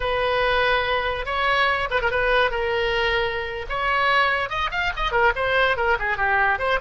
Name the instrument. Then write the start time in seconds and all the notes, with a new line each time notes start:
oboe
0.00 B4
1.25 C#5
1.90 B4
2.01 A#4
2.10 B4
2.50 A#4
3.69 C#5
4.49 D#5
4.71 F5
4.96 D#5
5.11 A#4
5.35 C5
5.76 A#4
5.99 G#4
6.17 G4
6.58 C5